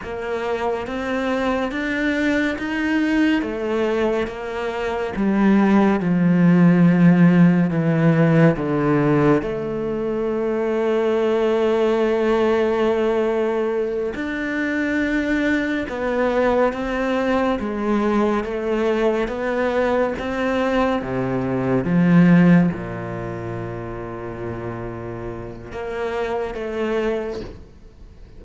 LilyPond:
\new Staff \with { instrumentName = "cello" } { \time 4/4 \tempo 4 = 70 ais4 c'4 d'4 dis'4 | a4 ais4 g4 f4~ | f4 e4 d4 a4~ | a1~ |
a8 d'2 b4 c'8~ | c'8 gis4 a4 b4 c'8~ | c'8 c4 f4 ais,4.~ | ais,2 ais4 a4 | }